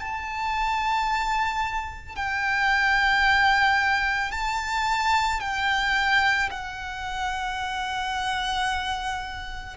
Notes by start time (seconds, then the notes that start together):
0.00 A5
2.16 G5
4.32 A5
5.40 G5
6.51 F#5